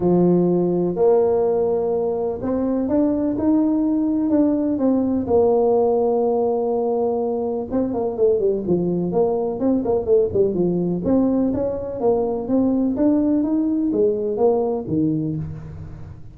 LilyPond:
\new Staff \with { instrumentName = "tuba" } { \time 4/4 \tempo 4 = 125 f2 ais2~ | ais4 c'4 d'4 dis'4~ | dis'4 d'4 c'4 ais4~ | ais1 |
c'8 ais8 a8 g8 f4 ais4 | c'8 ais8 a8 g8 f4 c'4 | cis'4 ais4 c'4 d'4 | dis'4 gis4 ais4 dis4 | }